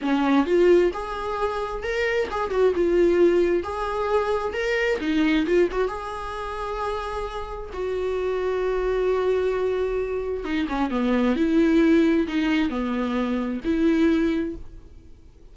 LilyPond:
\new Staff \with { instrumentName = "viola" } { \time 4/4 \tempo 4 = 132 cis'4 f'4 gis'2 | ais'4 gis'8 fis'8 f'2 | gis'2 ais'4 dis'4 | f'8 fis'8 gis'2.~ |
gis'4 fis'2.~ | fis'2. dis'8 cis'8 | b4 e'2 dis'4 | b2 e'2 | }